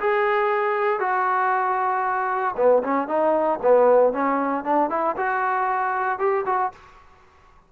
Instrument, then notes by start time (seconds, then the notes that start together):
trombone
0.00 G#4
1.00 F#4
2.57 B3
2.84 C#4
3.08 D#4
3.63 B3
4.13 C#4
4.65 D4
4.90 E4
5.17 F#4
6.19 G4
6.46 F#4